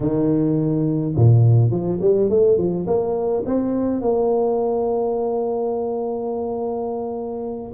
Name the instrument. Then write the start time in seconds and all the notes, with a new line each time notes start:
tuba
0.00 D#3
1.16 A#2
1.70 F3
2.01 G3
2.29 A3
2.57 F3
2.86 A#3
3.46 C4
4.01 A#3